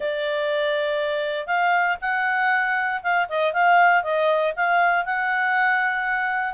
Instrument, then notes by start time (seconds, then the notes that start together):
clarinet
0.00 D5
1.46 F5
2.01 F#5
3.02 F5
3.28 D#5
3.53 F5
4.03 D#5
4.56 F5
5.05 F#5